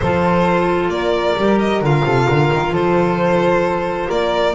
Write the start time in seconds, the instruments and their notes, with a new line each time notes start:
0.00 double bass F3, clarinet F4, flute A4, violin C5
0.89 double bass A#3, flute A#4, violin D5
1.36 double bass G3, clarinet G4
1.59 violin D#5
1.80 double bass D3, clarinet F4, violin F5
2.05 double bass C3, flute A4
2.26 double bass D3, flute A#4
2.52 double bass D#3
2.71 double bass F3, flute A4, violin C5
4.08 double bass A#3, flute A#4, violin D5